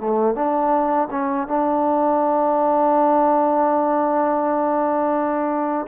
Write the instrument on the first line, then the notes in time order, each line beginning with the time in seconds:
trombone
0.00 A3
0.35 D4
1.11 C#4
1.48 D4